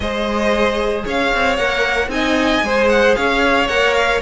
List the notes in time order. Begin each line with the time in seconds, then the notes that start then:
0.00 G#3 G#4 C5 D#5
1.05 C#4 C#5 F5
1.34 C4
1.56 A#3 A#4 F#5
2.08 C4 D#4 D#5 G#5
2.62 G#3 G#4 C5
2.89 F#5
3.15 C#4 C#5 F5
3.68 A#3 A#4 F#5
3.94 F5